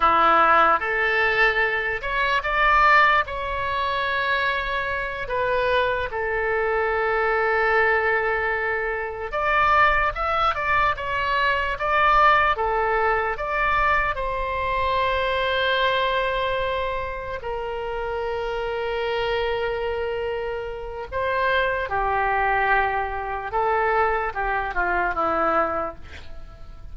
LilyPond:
\new Staff \with { instrumentName = "oboe" } { \time 4/4 \tempo 4 = 74 e'4 a'4. cis''8 d''4 | cis''2~ cis''8 b'4 a'8~ | a'2.~ a'8 d''8~ | d''8 e''8 d''8 cis''4 d''4 a'8~ |
a'8 d''4 c''2~ c''8~ | c''4. ais'2~ ais'8~ | ais'2 c''4 g'4~ | g'4 a'4 g'8 f'8 e'4 | }